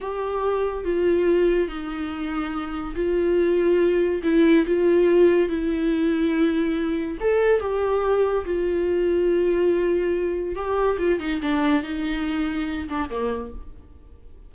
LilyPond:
\new Staff \with { instrumentName = "viola" } { \time 4/4 \tempo 4 = 142 g'2 f'2 | dis'2. f'4~ | f'2 e'4 f'4~ | f'4 e'2.~ |
e'4 a'4 g'2 | f'1~ | f'4 g'4 f'8 dis'8 d'4 | dis'2~ dis'8 d'8 ais4 | }